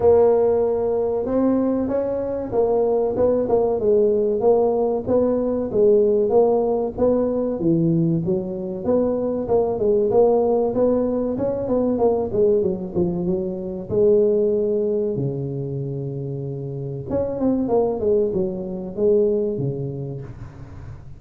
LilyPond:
\new Staff \with { instrumentName = "tuba" } { \time 4/4 \tempo 4 = 95 ais2 c'4 cis'4 | ais4 b8 ais8 gis4 ais4 | b4 gis4 ais4 b4 | e4 fis4 b4 ais8 gis8 |
ais4 b4 cis'8 b8 ais8 gis8 | fis8 f8 fis4 gis2 | cis2. cis'8 c'8 | ais8 gis8 fis4 gis4 cis4 | }